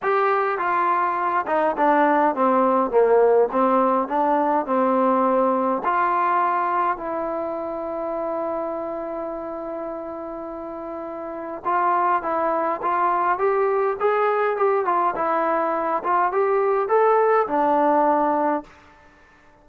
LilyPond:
\new Staff \with { instrumentName = "trombone" } { \time 4/4 \tempo 4 = 103 g'4 f'4. dis'8 d'4 | c'4 ais4 c'4 d'4 | c'2 f'2 | e'1~ |
e'1 | f'4 e'4 f'4 g'4 | gis'4 g'8 f'8 e'4. f'8 | g'4 a'4 d'2 | }